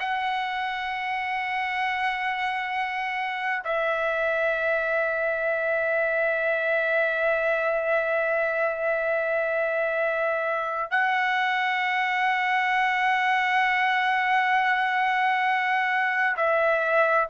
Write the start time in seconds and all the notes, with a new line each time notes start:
0.00 F#5
3.64 E5
10.91 F#5
16.37 E5